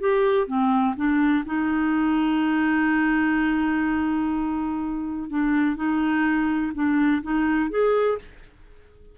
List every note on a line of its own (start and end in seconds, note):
0.00 0.47 G4
0.47 0.95 C4
0.96 1.44 D4
1.46 5.30 D#4
5.30 5.76 D4
5.76 6.72 D#4
6.74 7.22 D4
7.23 7.70 D#4
7.70 8.18 G#4